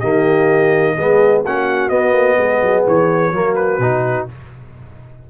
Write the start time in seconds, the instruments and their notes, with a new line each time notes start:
0.00 tuba D#3, trombone A#3, horn G4, trumpet D#5
0.96 tuba G#3, trombone B3, horn G#4
1.44 tuba A#3, trombone C#4, horn F#4, trumpet F#5
1.89 tuba B3, trombone B3, trumpet D#5
2.13 tuba A#3
2.38 tuba G#3, horn G#4
2.62 tuba F#3
2.87 tuba E3, trumpet C#5
3.32 tuba F#3, trombone A#3, horn F#4
3.55 trumpet B4
3.79 tuba B2, trombone D#4